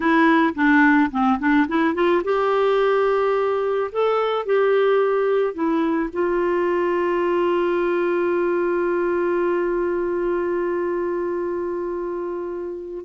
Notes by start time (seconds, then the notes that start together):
0.00 E4
0.54 D4
1.11 C4
1.39 D4
1.67 E4
1.94 F4
2.24 G4
3.91 A4
4.45 G4
5.54 E4
6.12 F4